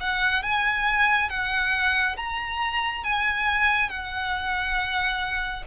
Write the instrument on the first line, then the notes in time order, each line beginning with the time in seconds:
violin
0.00 F#5
0.42 G#5
1.29 F#5
2.16 A#5
3.03 G#5
3.89 F#5